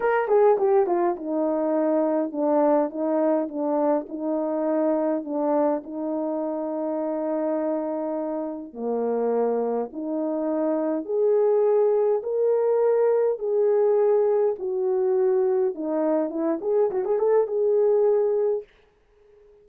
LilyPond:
\new Staff \with { instrumentName = "horn" } { \time 4/4 \tempo 4 = 103 ais'8 gis'8 g'8 f'8 dis'2 | d'4 dis'4 d'4 dis'4~ | dis'4 d'4 dis'2~ | dis'2. ais4~ |
ais4 dis'2 gis'4~ | gis'4 ais'2 gis'4~ | gis'4 fis'2 dis'4 | e'8 gis'8 fis'16 gis'16 a'8 gis'2 | }